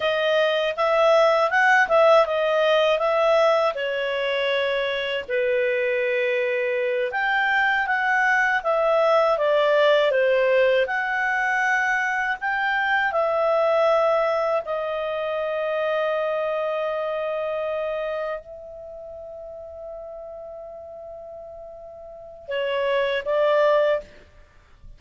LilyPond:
\new Staff \with { instrumentName = "clarinet" } { \time 4/4 \tempo 4 = 80 dis''4 e''4 fis''8 e''8 dis''4 | e''4 cis''2 b'4~ | b'4. g''4 fis''4 e''8~ | e''8 d''4 c''4 fis''4.~ |
fis''8 g''4 e''2 dis''8~ | dis''1~ | dis''8 e''2.~ e''8~ | e''2 cis''4 d''4 | }